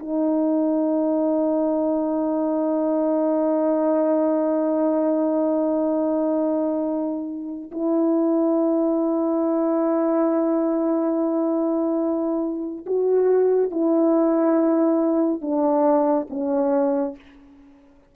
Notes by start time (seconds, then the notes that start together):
0.00 D#4
7.72 E4
12.86 F#4
13.71 E4
15.42 D4
16.30 C#4